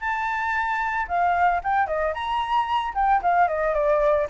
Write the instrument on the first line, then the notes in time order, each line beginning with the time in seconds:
flute
0.00 A5
1.08 F5
1.63 G5
1.87 D#5
2.14 A#5
2.94 G5
3.22 F5
3.48 D#5
3.74 D5